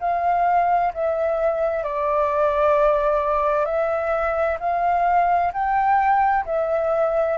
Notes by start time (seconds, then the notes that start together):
0.00 F5
0.94 E5
1.83 D5
3.65 E5
4.59 F5
5.53 G5
6.45 E5